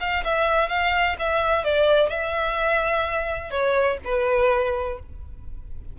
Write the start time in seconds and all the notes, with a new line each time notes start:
0.00 F5
0.24 E5
0.69 F5
1.19 E5
1.64 D5
2.09 E5
3.50 C#5
4.04 B4